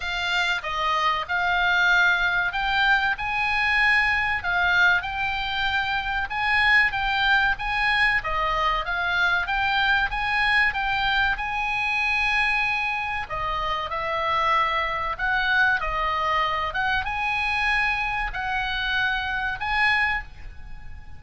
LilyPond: \new Staff \with { instrumentName = "oboe" } { \time 4/4 \tempo 4 = 95 f''4 dis''4 f''2 | g''4 gis''2 f''4 | g''2 gis''4 g''4 | gis''4 dis''4 f''4 g''4 |
gis''4 g''4 gis''2~ | gis''4 dis''4 e''2 | fis''4 dis''4. fis''8 gis''4~ | gis''4 fis''2 gis''4 | }